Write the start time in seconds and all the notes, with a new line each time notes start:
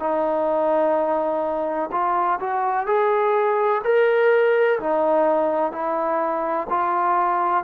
0.00 D#4
1.92 F4
2.40 F#4
2.87 G#4
3.84 A#4
4.80 D#4
5.72 E4
6.70 F4